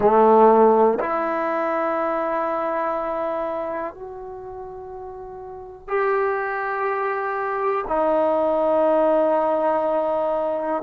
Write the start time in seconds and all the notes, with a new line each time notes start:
0.00 A3
1.00 E4
3.93 F#4
5.87 G4
7.87 D#4